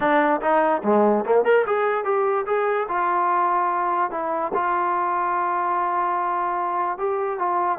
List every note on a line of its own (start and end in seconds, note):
0.00 0.41 D4
0.41 0.82 D#4
0.83 1.24 G#3
1.24 1.44 A#3
1.44 1.65 A#4
1.66 2.04 G#4
2.04 2.45 G4
2.46 2.87 G#4
2.88 4.11 F4
4.11 4.52 E4
4.54 6.98 F4
6.98 7.38 G4
7.38 7.78 F4